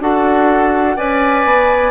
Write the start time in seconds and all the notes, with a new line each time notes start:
0.00 D4 F#4 A4 F#5
0.97 C#4 B4 D5 G#5
1.45 B3